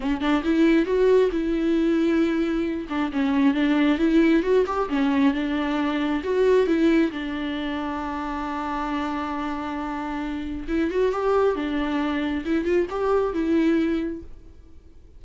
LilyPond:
\new Staff \with { instrumentName = "viola" } { \time 4/4 \tempo 4 = 135 cis'8 d'8 e'4 fis'4 e'4~ | e'2~ e'8 d'8 cis'4 | d'4 e'4 fis'8 g'8 cis'4 | d'2 fis'4 e'4 |
d'1~ | d'1 | e'8 fis'8 g'4 d'2 | e'8 f'8 g'4 e'2 | }